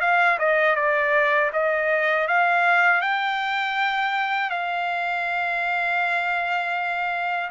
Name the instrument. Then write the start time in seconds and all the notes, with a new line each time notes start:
trumpet
0.00 F5
0.38 D#5
0.75 D5
1.52 D#5
2.27 F5
3.01 G5
4.50 F5